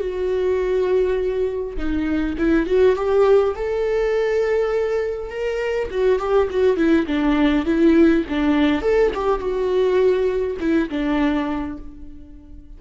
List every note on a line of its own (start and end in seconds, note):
0.00 1.76 F#4
1.77 2.36 D#4
2.38 2.66 E4
2.66 2.95 F#4
2.96 3.55 G4
3.55 5.30 A4
5.30 5.89 A#4
5.90 6.19 F#4
6.19 6.48 G4
6.50 6.76 F#4
6.76 7.06 E4
7.06 7.65 D4
7.65 8.24 E4
8.29 8.82 D4
8.82 9.11 A4
9.14 9.39 G4
9.39 10.57 F#4
10.60 10.89 E4
10.89 11.78 D4